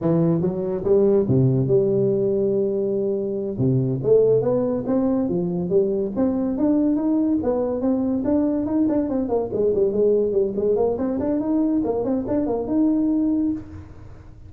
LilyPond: \new Staff \with { instrumentName = "tuba" } { \time 4/4 \tempo 4 = 142 e4 fis4 g4 c4 | g1~ | g8 c4 a4 b4 c'8~ | c'8 f4 g4 c'4 d'8~ |
d'8 dis'4 b4 c'4 d'8~ | d'8 dis'8 d'8 c'8 ais8 gis8 g8 gis8~ | gis8 g8 gis8 ais8 c'8 d'8 dis'4 | ais8 c'8 d'8 ais8 dis'2 | }